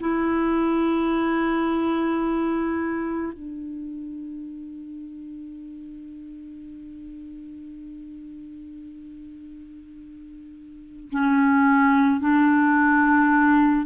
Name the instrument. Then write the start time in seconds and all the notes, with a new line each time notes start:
clarinet
0.00 E4
3.33 D4
11.11 C#4
12.21 D4